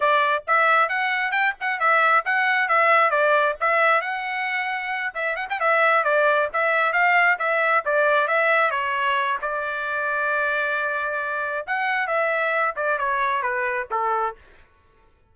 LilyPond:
\new Staff \with { instrumentName = "trumpet" } { \time 4/4 \tempo 4 = 134 d''4 e''4 fis''4 g''8 fis''8 | e''4 fis''4 e''4 d''4 | e''4 fis''2~ fis''8 e''8 | fis''16 g''16 e''4 d''4 e''4 f''8~ |
f''8 e''4 d''4 e''4 cis''8~ | cis''4 d''2.~ | d''2 fis''4 e''4~ | e''8 d''8 cis''4 b'4 a'4 | }